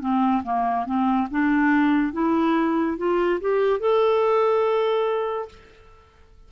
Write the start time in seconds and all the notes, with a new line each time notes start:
0.00 C4
0.43 A#3
0.85 C4
1.30 D4
2.12 E4
2.97 F4
3.40 G4
3.79 A4